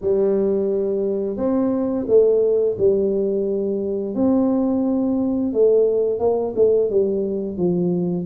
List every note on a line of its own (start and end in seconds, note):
0.01 1.36 G3
1.36 2.05 C4
2.07 2.76 A3
2.78 4.14 G3
4.14 5.52 C4
5.52 6.19 A3
6.19 6.53 A#3
6.55 6.90 A3
6.90 7.57 G3
7.57 8.26 F3